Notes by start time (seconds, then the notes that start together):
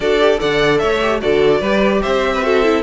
0.00 D4 F#4 A4 D5
0.19 G4
0.37 D3 A4 D5 F#5
0.78 A3 C#5 E5
1.01 G4
1.20 D3 F#4 A4 D5
1.60 G3 G4 B4
2.02 C4 C5 E5
2.34 B4
2.43 F#4 A4
2.63 E4